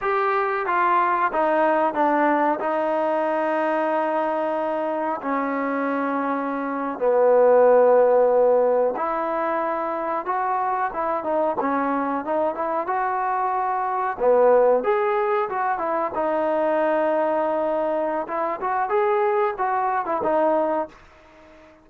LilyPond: \new Staff \with { instrumentName = "trombone" } { \time 4/4 \tempo 4 = 92 g'4 f'4 dis'4 d'4 | dis'1 | cis'2~ cis'8. b4~ b16~ | b4.~ b16 e'2 fis'16~ |
fis'8. e'8 dis'8 cis'4 dis'8 e'8 fis'16~ | fis'4.~ fis'16 b4 gis'4 fis'16~ | fis'16 e'8 dis'2.~ dis'16 | e'8 fis'8 gis'4 fis'8. e'16 dis'4 | }